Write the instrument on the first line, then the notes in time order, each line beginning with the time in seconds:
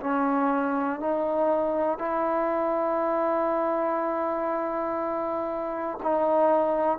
trombone
0.00 C#4
1.00 D#4
1.98 E4
6.03 D#4